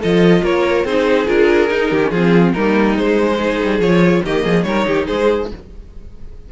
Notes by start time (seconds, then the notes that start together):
0.00 F3 F4 A4 D#5
0.43 A#3 A#4 C#5
0.85 C4 D#4 G#4 C5
1.26 D4 F4 A#4
1.70 D#4
1.91 D#3 G4
2.02 C#4
2.10 F3 C4 F4 G#4
2.54 G3 A#3 D#4 A#4
2.96 G#3 C5
3.38 D#4 G#4
3.63 G3
3.79 F3 F4 C#5
4.24 D#3 A#3 G4 D#5
4.44 F3 G#4
4.64 G3 D#4 A#4 C#5
4.87 D#3 G4
5.08 G#3 G#4 C5